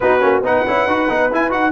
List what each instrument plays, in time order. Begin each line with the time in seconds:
0.00 tuba B3, trombone D#4, horn F#4, trumpet B4
0.19 tuba A#3, trombone C#4
0.41 tuba B3, trombone D#4, horn B4, trumpet F#5
0.67 tuba C#4, trombone E4
0.86 tuba D#4, trombone F#4
1.08 tuba B3, trombone D#4
1.30 tuba E4, trombone E4, trumpet G#5
1.49 tuba D#4, trombone F#4, trumpet F#5